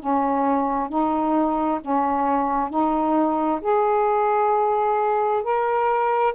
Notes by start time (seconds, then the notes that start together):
0.00 C#4
0.89 D#4
1.81 C#4
2.70 D#4
3.62 G#4
5.43 A#4